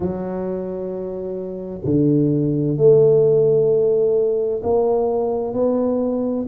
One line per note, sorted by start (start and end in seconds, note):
0.00 1.81 F#3
1.85 2.77 D3
2.77 4.62 A3
4.63 5.53 A#3
5.53 6.46 B3